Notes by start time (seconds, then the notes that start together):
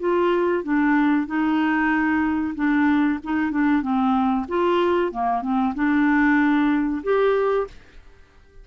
0.00 F4
0.64 D4
1.27 D#4
2.56 D4
3.24 D#4
3.52 D4
3.83 C4
4.49 F4
5.12 A#3
5.42 C4
5.75 D4
7.04 G4